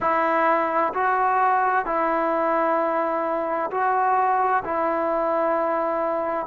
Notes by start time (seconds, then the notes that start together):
0.00 E4
0.93 F#4
1.85 E4
3.70 F#4
4.64 E4